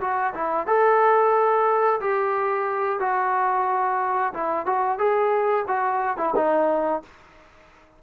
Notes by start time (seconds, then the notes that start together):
0.00 F#4
0.34 E4
0.66 A4
2.00 G4
2.99 F#4
4.33 E4
4.65 F#4
4.98 G#4
5.67 F#4
6.17 E4
6.35 D#4